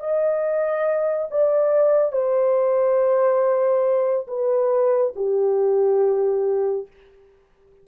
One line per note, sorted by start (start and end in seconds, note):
0.00 1.29 D#5
1.31 2.12 D5
2.12 4.27 C5
4.28 5.14 B4
5.16 6.87 G4